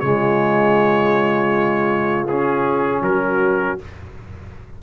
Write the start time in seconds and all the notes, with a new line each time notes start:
0.00 C#3 G#3 F4 C#5
2.28 C#4 G#4
3.02 F#3 F#4 A#4